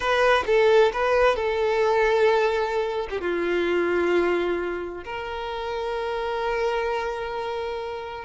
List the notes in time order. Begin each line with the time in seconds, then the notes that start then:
0.00 B4
0.46 A4
0.92 B4
1.36 A4
3.10 G4
3.21 F4
5.04 A#4